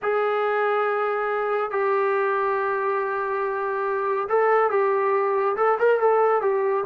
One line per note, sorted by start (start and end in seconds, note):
0.02 1.70 G#4
1.70 4.27 G4
4.28 4.70 A4
4.70 5.56 G4
5.56 5.77 A4
5.79 6.00 A#4
6.00 6.41 A4
6.41 6.84 G4